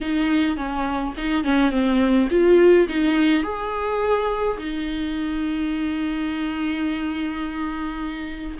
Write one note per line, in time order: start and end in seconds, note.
0.01 0.56 D#4
0.56 1.14 C#4
1.17 1.43 D#4
1.43 1.71 C#4
1.71 2.28 C4
2.30 2.87 F4
2.88 3.43 D#4
3.43 4.57 G#4
4.58 8.58 D#4